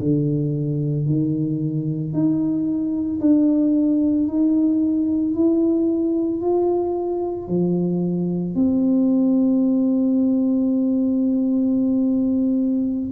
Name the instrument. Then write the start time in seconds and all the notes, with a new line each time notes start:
tuba
0.00 D3
1.07 D#3
2.14 D#4
3.21 D4
4.28 D#4
5.35 E4
6.42 F4
7.48 F3
8.56 C4